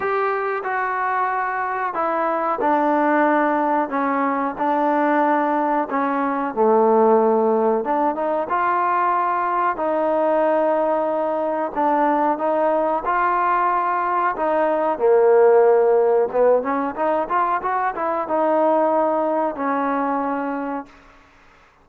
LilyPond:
\new Staff \with { instrumentName = "trombone" } { \time 4/4 \tempo 4 = 92 g'4 fis'2 e'4 | d'2 cis'4 d'4~ | d'4 cis'4 a2 | d'8 dis'8 f'2 dis'4~ |
dis'2 d'4 dis'4 | f'2 dis'4 ais4~ | ais4 b8 cis'8 dis'8 f'8 fis'8 e'8 | dis'2 cis'2 | }